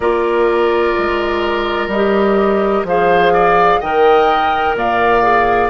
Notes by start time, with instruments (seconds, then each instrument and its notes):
0.00 bassoon A#3, clarinet F4, oboe A#4, flute D5
0.98 bassoon G#3
1.87 bassoon G3, flute D#5
1.94 clarinet G4
2.83 bassoon F3, clarinet G#4, oboe C5, flute F5
3.33 oboe D5
3.80 bassoon D#3, clarinet A#4, oboe D#5, flute G5
4.75 bassoon A#2, oboe D5, flute F5
5.22 clarinet G#4